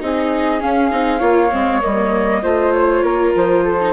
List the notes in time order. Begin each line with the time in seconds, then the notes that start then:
0.00 C4 D#4 G#4 D#5
0.60 C#4 F5
0.92 C4 D#4
1.19 A#3 F4 C#5
1.51 G#3 C4
1.82 G3 A#3 D#5
2.43 A3 F4 C5
2.73 C#5
3.03 A#3 A#4
3.36 F3 C5
3.64 A4
3.81 D#4